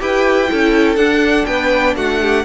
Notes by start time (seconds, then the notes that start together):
0.00 E4 G4 B4 G5
0.48 C#4 E4 A4
0.97 D4 F#5
1.46 B3 B4 G5
1.96 A3 F#4 F#5
2.22 G4